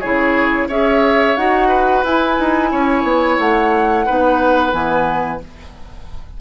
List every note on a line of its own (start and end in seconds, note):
0.00 0.68 C#3
0.00 0.69 E4
0.00 0.67 G#4
0.00 0.68 C#5
0.68 1.36 C#4
0.68 1.37 G#4
0.68 1.68 C#5
0.68 1.36 E5
1.36 2.03 D#4
1.36 2.04 F#4
1.36 2.04 F#5
1.68 2.69 B4
2.03 2.37 E4
2.03 4.06 E4
2.03 3.38 G#5
2.39 2.72 D#4
2.71 3.03 C#4
2.71 4.05 C#5
3.03 3.37 B3
3.38 4.06 A3
3.38 4.72 F#5
4.05 4.72 B3
4.05 4.71 D#4
4.05 5.40 B4
4.71 5.39 E3
4.71 5.38 B3
4.71 5.40 G#5